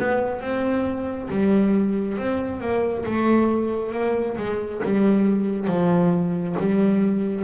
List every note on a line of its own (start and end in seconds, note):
0.00 0.41 B3
0.41 1.30 C4
1.30 2.18 G3
2.18 2.61 C4
2.61 3.05 A#3
3.06 3.93 A3
3.93 4.37 A#3
4.38 4.82 G#3
4.85 5.68 G3
5.68 6.56 F3
6.59 7.45 G3